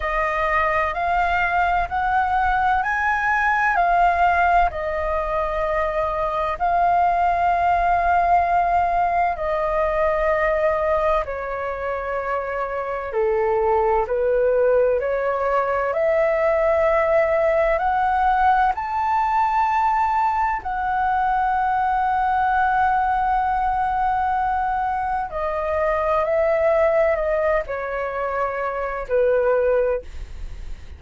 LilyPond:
\new Staff \with { instrumentName = "flute" } { \time 4/4 \tempo 4 = 64 dis''4 f''4 fis''4 gis''4 | f''4 dis''2 f''4~ | f''2 dis''2 | cis''2 a'4 b'4 |
cis''4 e''2 fis''4 | a''2 fis''2~ | fis''2. dis''4 | e''4 dis''8 cis''4. b'4 | }